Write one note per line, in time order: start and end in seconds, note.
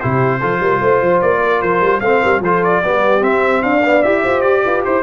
0.00 0.43 C3
0.00 0.41 E4
0.00 0.40 G4
0.00 1.21 C5
0.40 0.60 F3
0.40 2.02 F4
0.40 0.60 A4
0.60 0.80 G3
0.60 0.78 A#4
0.78 1.01 A3
0.78 1.39 C5
1.01 1.21 F3
1.21 1.62 A#3
1.21 1.61 D5
1.40 2.00 A#4
1.61 1.80 F3
1.61 2.00 C5
1.80 2.00 G3
2.00 2.21 A3
2.00 2.43 C4
2.00 2.21 C5
2.00 2.40 F5
2.21 2.40 G3
2.21 2.41 A#4
2.40 2.80 F3
2.40 2.83 F4
2.40 2.82 A4
2.40 2.63 C5
2.63 3.23 D5
2.83 3.21 G3
2.83 3.20 B3
2.83 3.63 G4
3.20 3.80 C4
3.20 3.61 C4
3.20 3.62 E5
3.62 4.03 D4
3.62 4.22 D5
3.62 4.02 F5
3.85 4.04 B3
4.02 4.24 E4
4.02 5.03 G4
4.02 4.41 E5
4.22 4.43 F4
4.22 4.63 C5
4.41 4.64 G4
4.41 4.81 D5
4.64 4.85 F4
4.64 4.84 B4
4.84 5.03 E4
4.84 5.03 C5